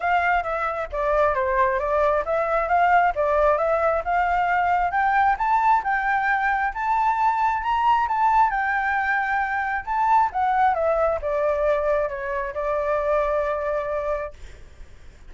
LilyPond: \new Staff \with { instrumentName = "flute" } { \time 4/4 \tempo 4 = 134 f''4 e''4 d''4 c''4 | d''4 e''4 f''4 d''4 | e''4 f''2 g''4 | a''4 g''2 a''4~ |
a''4 ais''4 a''4 g''4~ | g''2 a''4 fis''4 | e''4 d''2 cis''4 | d''1 | }